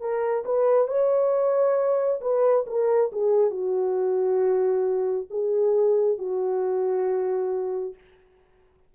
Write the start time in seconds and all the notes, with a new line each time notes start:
0.00 A#4
0.45 B4
0.88 C#5
2.21 B4
2.67 A#4
3.12 G#4
3.51 F#4
5.30 G#4
6.18 F#4